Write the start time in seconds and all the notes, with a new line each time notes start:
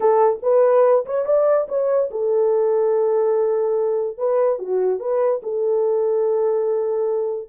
0.00 A4
0.42 B4
1.05 C#5
1.25 D5
1.68 C#5
2.10 A4
4.17 B4
4.58 F#4
4.99 B4
5.43 A4